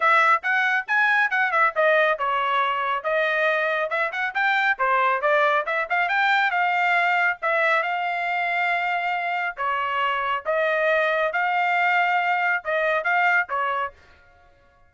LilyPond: \new Staff \with { instrumentName = "trumpet" } { \time 4/4 \tempo 4 = 138 e''4 fis''4 gis''4 fis''8 e''8 | dis''4 cis''2 dis''4~ | dis''4 e''8 fis''8 g''4 c''4 | d''4 e''8 f''8 g''4 f''4~ |
f''4 e''4 f''2~ | f''2 cis''2 | dis''2 f''2~ | f''4 dis''4 f''4 cis''4 | }